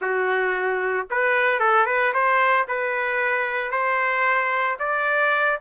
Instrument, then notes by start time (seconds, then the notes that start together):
trumpet
0.01 F#4
1.10 B4
1.59 A4
1.86 B4
2.13 C5
2.68 B4
3.71 C5
4.79 D5